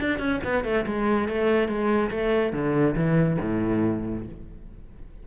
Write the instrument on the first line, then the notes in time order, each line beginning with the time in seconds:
cello
0.00 D4
0.19 C#4
0.44 B3
0.64 A3
0.86 G#3
1.28 A3
1.68 G#3
2.10 A3
2.52 D3
2.95 E3
3.41 A2